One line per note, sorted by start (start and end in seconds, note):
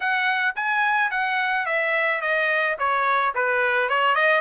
0.00 0.55 F#5
0.55 1.10 G#5
1.10 1.66 F#5
1.66 2.21 E5
2.21 2.77 D#5
2.78 3.34 C#5
3.34 3.89 B4
3.89 4.15 C#5
4.15 4.41 D#5